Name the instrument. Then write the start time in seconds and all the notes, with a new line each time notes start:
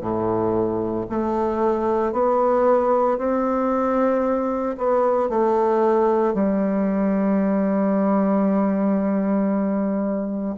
bassoon
0.00 A2
1.09 A3
2.12 B3
3.18 C4
4.77 B3
5.29 A3
6.34 G3